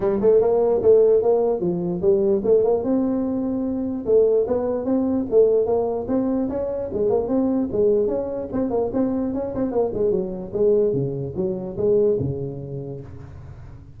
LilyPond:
\new Staff \with { instrumentName = "tuba" } { \time 4/4 \tempo 4 = 148 g8 a8 ais4 a4 ais4 | f4 g4 a8 ais8 c'4~ | c'2 a4 b4 | c'4 a4 ais4 c'4 |
cis'4 gis8 ais8 c'4 gis4 | cis'4 c'8 ais8 c'4 cis'8 c'8 | ais8 gis8 fis4 gis4 cis4 | fis4 gis4 cis2 | }